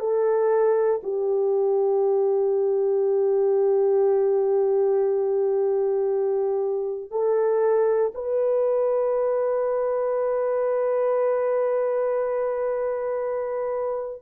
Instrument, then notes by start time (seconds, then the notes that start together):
horn
0.00 A4
1.04 G4
7.11 A4
8.15 B4